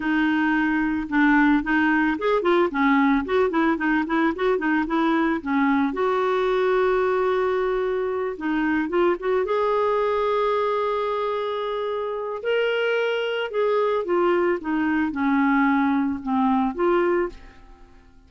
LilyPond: \new Staff \with { instrumentName = "clarinet" } { \time 4/4 \tempo 4 = 111 dis'2 d'4 dis'4 | gis'8 f'8 cis'4 fis'8 e'8 dis'8 e'8 | fis'8 dis'8 e'4 cis'4 fis'4~ | fis'2.~ fis'8 dis'8~ |
dis'8 f'8 fis'8 gis'2~ gis'8~ | gis'2. ais'4~ | ais'4 gis'4 f'4 dis'4 | cis'2 c'4 f'4 | }